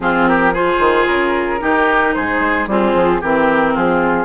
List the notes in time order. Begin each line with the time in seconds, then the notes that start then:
0.00 F3 C4 F4 G#4
0.27 G4 A#4
0.53 F4 G#4 C5
0.79 D#3
1.07 C#3 A#4
1.59 D#3 D#4 G4
2.13 G#2 G#4 C5
2.40 G#3
2.66 G3 C4 F4 G#4
2.94 F3
3.20 E3 C4 G4 A#4
3.74 F3 F4 G#4